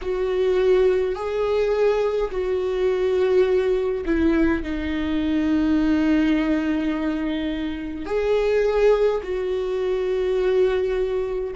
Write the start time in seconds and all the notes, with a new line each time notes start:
0.01 F#4
1.15 G#4
2.31 F#4
4.05 E4
4.63 D#4
8.05 G#4
9.23 F#4